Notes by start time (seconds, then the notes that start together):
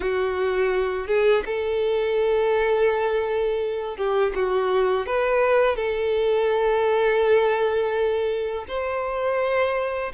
0.00 F#4
1.07 G#4
1.45 A4
3.96 G4
4.35 F#4
5.06 B4
5.76 A4
8.67 C5